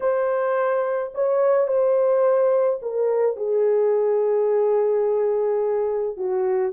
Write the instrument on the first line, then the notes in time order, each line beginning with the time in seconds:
horn
0.00 C5
1.14 C#5
1.67 C5
2.82 A#4
3.36 G#4
6.16 F#4